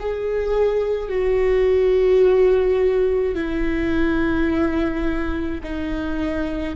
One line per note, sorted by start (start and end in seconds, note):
0.00 1.09 G#4
1.09 3.35 F#4
3.35 5.61 E4
5.63 6.76 D#4